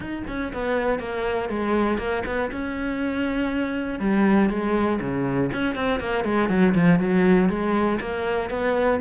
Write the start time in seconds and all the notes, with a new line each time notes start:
0.00 D#4
0.27 C#4
0.53 B3
0.99 A#3
1.49 G#3
1.97 A#3
2.25 B3
2.51 C#4
3.99 G3
4.49 G#3
5.00 C#3
5.52 C#4
5.75 C4
6.00 A#3
6.24 G#3
6.49 F#3
6.74 F3
6.99 F#3
7.49 G#3
8.00 A#3
8.50 B3